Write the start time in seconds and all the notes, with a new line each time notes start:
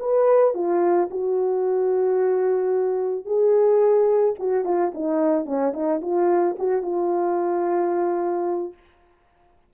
0.00 B4
0.55 F4
1.11 F#4
3.26 G#4
4.39 F#4
4.65 F4
4.94 D#4
5.46 C#4
5.73 D#4
6.02 F4
6.59 F#4
6.83 F4